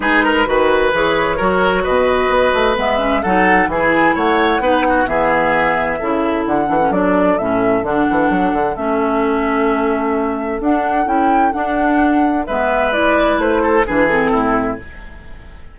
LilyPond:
<<
  \new Staff \with { instrumentName = "flute" } { \time 4/4 \tempo 4 = 130 b'2 cis''2 | dis''2 e''4 fis''4 | gis''4 fis''2 e''4~ | e''2 fis''4 d''4 |
e''4 fis''2 e''4~ | e''2. fis''4 | g''4 fis''2 e''4 | d''4 c''4 b'8 a'4. | }
  \new Staff \with { instrumentName = "oboe" } { \time 4/4 gis'8 ais'8 b'2 ais'4 | b'2. a'4 | gis'4 cis''4 b'8 fis'8 gis'4~ | gis'4 a'2.~ |
a'1~ | a'1~ | a'2. b'4~ | b'4. a'8 gis'4 e'4 | }
  \new Staff \with { instrumentName = "clarinet" } { \time 4/4 dis'4 fis'4 gis'4 fis'4~ | fis'2 b8 cis'8 dis'4 | e'2 dis'4 b4~ | b4 e'4. d'16 cis'16 d'4 |
cis'4 d'2 cis'4~ | cis'2. d'4 | e'4 d'2 b4 | e'2 d'8 c'4. | }
  \new Staff \with { instrumentName = "bassoon" } { \time 4/4 gis4 dis4 e4 fis4 | b,4 b8 a8 gis4 fis4 | e4 a4 b4 e4~ | e4 cis4 d8 e8 fis4 |
a,4 d8 e8 fis8 d8 a4~ | a2. d'4 | cis'4 d'2 gis4~ | gis4 a4 e4 a,4 | }
>>